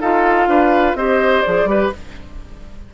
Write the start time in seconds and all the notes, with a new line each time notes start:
0.00 D#4 F4 A4 F5
0.47 D4 B4
0.94 C4 G4 C5 D#5
1.41 F3 G#4 D5
1.64 G3 G4 B4